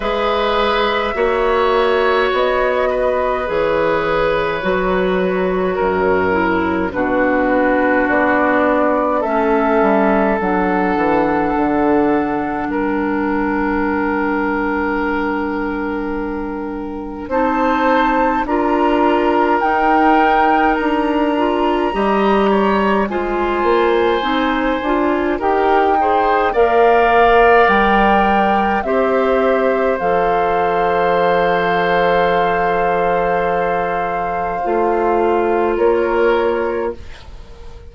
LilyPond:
<<
  \new Staff \with { instrumentName = "flute" } { \time 4/4 \tempo 4 = 52 e''2 dis''4 cis''4~ | cis''2 b'4 d''4 | e''4 fis''2 g''4~ | g''2. a''4 |
ais''4 g''4 ais''2 | gis''2 g''4 f''4 | g''4 e''4 f''2~ | f''2. cis''4 | }
  \new Staff \with { instrumentName = "oboe" } { \time 4/4 b'4 cis''4. b'4.~ | b'4 ais'4 fis'2 | a'2. ais'4~ | ais'2. c''4 |
ais'2. dis''8 cis''8 | c''2 ais'8 c''8 d''4~ | d''4 c''2.~ | c''2. ais'4 | }
  \new Staff \with { instrumentName = "clarinet" } { \time 4/4 gis'4 fis'2 gis'4 | fis'4. e'8 d'2 | cis'4 d'2.~ | d'2. dis'4 |
f'4 dis'4. f'8 g'4 | f'4 dis'8 f'8 g'8 gis'8 ais'4~ | ais'4 g'4 a'2~ | a'2 f'2 | }
  \new Staff \with { instrumentName = "bassoon" } { \time 4/4 gis4 ais4 b4 e4 | fis4 fis,4 b,4 b4 | a8 g8 fis8 e8 d4 g4~ | g2. c'4 |
d'4 dis'4 d'4 g4 | gis8 ais8 c'8 d'8 dis'4 ais4 | g4 c'4 f2~ | f2 a4 ais4 | }
>>